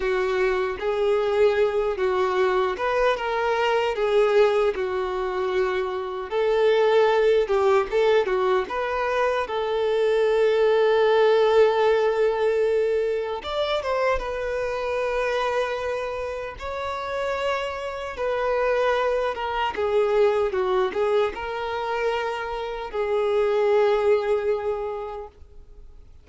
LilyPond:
\new Staff \with { instrumentName = "violin" } { \time 4/4 \tempo 4 = 76 fis'4 gis'4. fis'4 b'8 | ais'4 gis'4 fis'2 | a'4. g'8 a'8 fis'8 b'4 | a'1~ |
a'4 d''8 c''8 b'2~ | b'4 cis''2 b'4~ | b'8 ais'8 gis'4 fis'8 gis'8 ais'4~ | ais'4 gis'2. | }